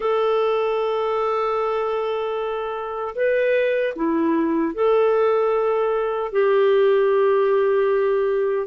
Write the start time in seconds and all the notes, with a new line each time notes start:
0.00 A4
3.15 B4
3.95 E4
4.74 A4
6.32 G4